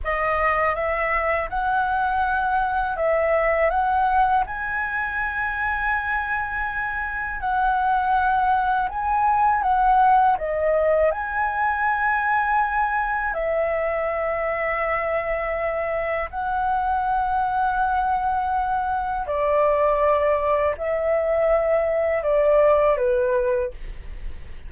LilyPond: \new Staff \with { instrumentName = "flute" } { \time 4/4 \tempo 4 = 81 dis''4 e''4 fis''2 | e''4 fis''4 gis''2~ | gis''2 fis''2 | gis''4 fis''4 dis''4 gis''4~ |
gis''2 e''2~ | e''2 fis''2~ | fis''2 d''2 | e''2 d''4 b'4 | }